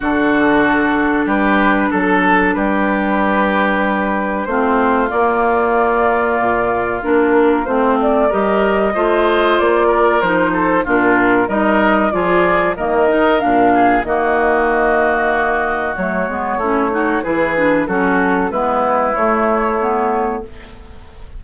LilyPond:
<<
  \new Staff \with { instrumentName = "flute" } { \time 4/4 \tempo 4 = 94 a'2 b'4 a'4 | b'2. c''4 | d''2. ais'4 | c''8 d''8 dis''2 d''4 |
c''4 ais'4 dis''4 d''4 | dis''4 f''4 dis''2~ | dis''4 cis''2 b'4 | a'4 b'4 cis''2 | }
  \new Staff \with { instrumentName = "oboe" } { \time 4/4 fis'2 g'4 a'4 | g'2. f'4~ | f'1~ | f'4 ais'4 c''4. ais'8~ |
ais'8 a'8 f'4 ais'4 gis'4 | ais'4. gis'8 fis'2~ | fis'2 e'8 fis'8 gis'4 | fis'4 e'2. | }
  \new Staff \with { instrumentName = "clarinet" } { \time 4/4 d'1~ | d'2. c'4 | ais2. d'4 | c'4 g'4 f'2 |
dis'4 d'4 dis'4 f'4 | ais8 dis'8 d'4 ais2~ | ais4 a8 b8 cis'8 dis'8 e'8 d'8 | cis'4 b4 a4 b4 | }
  \new Staff \with { instrumentName = "bassoon" } { \time 4/4 d2 g4 fis4 | g2. a4 | ais2 ais,4 ais4 | a4 g4 a4 ais4 |
f4 ais,4 g4 f4 | dis4 ais,4 dis2~ | dis4 fis8 gis8 a4 e4 | fis4 gis4 a2 | }
>>